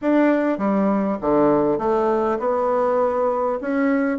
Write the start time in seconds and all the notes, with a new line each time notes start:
0.01 D4
0.58 G3
1.21 D3
1.78 A3
2.39 B3
3.61 C#4